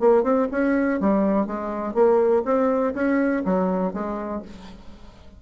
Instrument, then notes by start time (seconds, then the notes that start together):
bassoon
0.00 A#3
0.24 C4
0.52 C#4
1.01 G3
1.47 G#3
1.94 A#3
2.46 C4
2.95 C#4
3.46 F#3
3.94 G#3